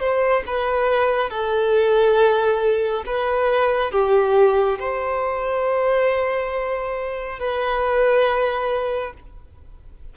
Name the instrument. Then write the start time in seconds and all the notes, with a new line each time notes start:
violin
0.00 C5
0.47 B4
1.30 A4
3.06 B4
3.92 G4
4.79 C5
7.40 B4